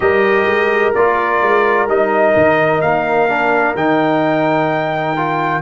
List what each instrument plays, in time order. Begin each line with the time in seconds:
0.00 tuba G3, trombone G4, horn A#4, trumpet D#5
0.46 tuba G#3
0.94 tuba A#3, trombone F4, trumpet D5
1.42 tuba G#3
1.87 tuba G3, trombone D#4, trumpet D#5
2.36 tuba D#3
2.81 tuba A#3, trumpet F5
3.28 trombone D4
3.75 tuba D#3, trombone D#4, trumpet G5
5.16 trombone F4